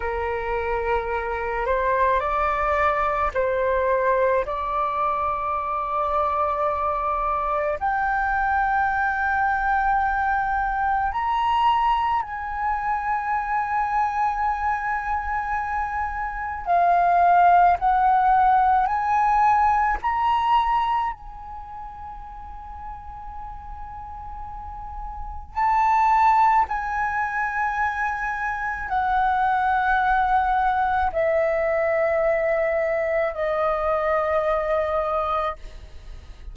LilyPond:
\new Staff \with { instrumentName = "flute" } { \time 4/4 \tempo 4 = 54 ais'4. c''8 d''4 c''4 | d''2. g''4~ | g''2 ais''4 gis''4~ | gis''2. f''4 |
fis''4 gis''4 ais''4 gis''4~ | gis''2. a''4 | gis''2 fis''2 | e''2 dis''2 | }